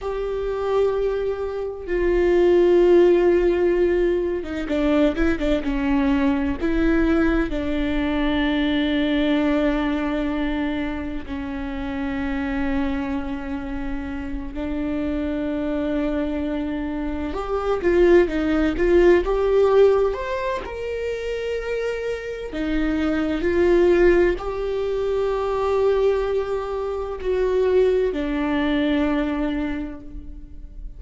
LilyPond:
\new Staff \with { instrumentName = "viola" } { \time 4/4 \tempo 4 = 64 g'2 f'2~ | f'8. dis'16 d'8 e'16 d'16 cis'4 e'4 | d'1 | cis'2.~ cis'8 d'8~ |
d'2~ d'8 g'8 f'8 dis'8 | f'8 g'4 c''8 ais'2 | dis'4 f'4 g'2~ | g'4 fis'4 d'2 | }